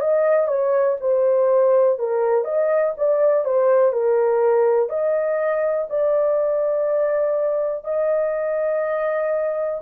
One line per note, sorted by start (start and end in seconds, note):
0.00 0.47 D#5
0.47 0.97 C#5
1.01 1.99 C5
1.99 2.45 A#4
2.45 2.94 D#5
2.97 3.45 D5
3.45 3.93 C5
3.93 4.89 A#4
4.89 5.87 D#5
5.90 7.84 D5
7.84 9.81 D#5